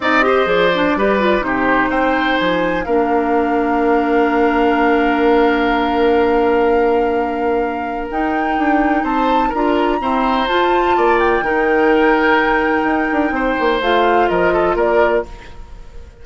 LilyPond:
<<
  \new Staff \with { instrumentName = "flute" } { \time 4/4 \tempo 4 = 126 dis''4 d''2 c''4 | g''4 gis''4 f''2~ | f''1~ | f''1~ |
f''4 g''2 a''4 | ais''2 a''4. g''8~ | g''1~ | g''4 f''4 dis''4 d''4 | }
  \new Staff \with { instrumentName = "oboe" } { \time 4/4 d''8 c''4. b'4 g'4 | c''2 ais'2~ | ais'1~ | ais'1~ |
ais'2. c''4 | ais'4 c''2 d''4 | ais'1 | c''2 ais'8 a'8 ais'4 | }
  \new Staff \with { instrumentName = "clarinet" } { \time 4/4 dis'8 g'8 gis'8 d'8 g'8 f'8 dis'4~ | dis'2 d'2~ | d'1~ | d'1~ |
d'4 dis'2. | f'4 c'4 f'2 | dis'1~ | dis'4 f'2. | }
  \new Staff \with { instrumentName = "bassoon" } { \time 4/4 c'4 f4 g4 c4 | c'4 f4 ais2~ | ais1~ | ais1~ |
ais4 dis'4 d'4 c'4 | d'4 e'4 f'4 ais4 | dis2. dis'8 d'8 | c'8 ais8 a4 f4 ais4 | }
>>